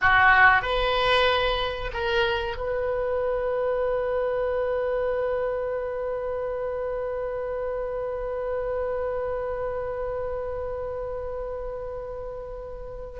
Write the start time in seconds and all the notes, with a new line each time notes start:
0.01 F#4
0.62 B4
1.93 A#4
2.57 B4